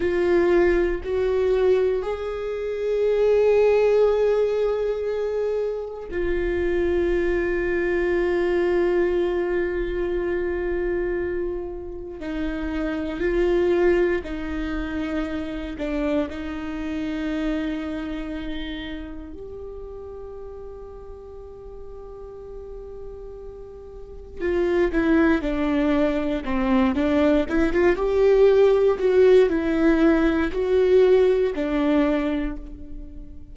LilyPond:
\new Staff \with { instrumentName = "viola" } { \time 4/4 \tempo 4 = 59 f'4 fis'4 gis'2~ | gis'2 f'2~ | f'1 | dis'4 f'4 dis'4. d'8 |
dis'2. g'4~ | g'1 | f'8 e'8 d'4 c'8 d'8 e'16 f'16 g'8~ | g'8 fis'8 e'4 fis'4 d'4 | }